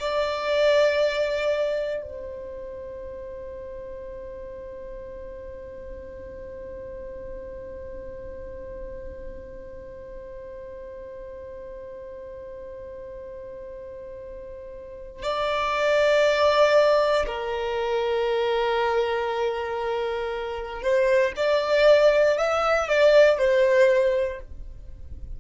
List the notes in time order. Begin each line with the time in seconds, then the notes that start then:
0.00 D5
2.02 C5
15.23 D5
17.27 A#4
20.82 C5
21.37 D5
22.38 E5
22.89 D5
23.39 C5